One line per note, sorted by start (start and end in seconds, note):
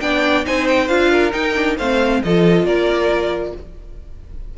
0.00 0.45 B3
0.00 0.44 D4
0.00 0.46 D5
0.00 0.44 G5
0.44 0.89 C4
0.44 0.88 D#4
0.44 1.11 C5
0.44 0.67 G#5
0.67 0.88 G5
0.88 1.33 D4
0.88 1.31 F4
0.88 1.32 F5
1.11 1.77 A#4
1.31 1.53 D#4
1.31 1.78 D#4
1.31 1.76 G5
1.55 1.77 D4
1.77 2.22 A3
1.77 2.25 C4
1.77 2.21 C5
1.77 2.22 F5
2.23 2.64 F3
2.23 3.57 F4
2.23 2.65 A4
2.23 2.66 D#5
2.64 3.52 A#3
2.64 3.53 A#4
2.64 3.54 D5